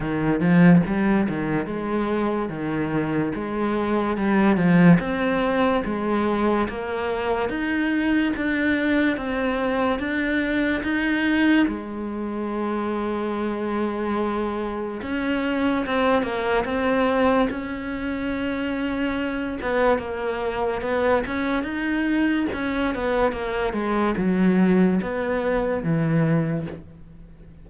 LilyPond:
\new Staff \with { instrumentName = "cello" } { \time 4/4 \tempo 4 = 72 dis8 f8 g8 dis8 gis4 dis4 | gis4 g8 f8 c'4 gis4 | ais4 dis'4 d'4 c'4 | d'4 dis'4 gis2~ |
gis2 cis'4 c'8 ais8 | c'4 cis'2~ cis'8 b8 | ais4 b8 cis'8 dis'4 cis'8 b8 | ais8 gis8 fis4 b4 e4 | }